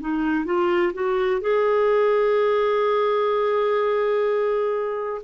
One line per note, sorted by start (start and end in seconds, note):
0.00 0.45 D#4
0.45 0.92 F4
0.93 1.41 F#4
1.41 5.22 G#4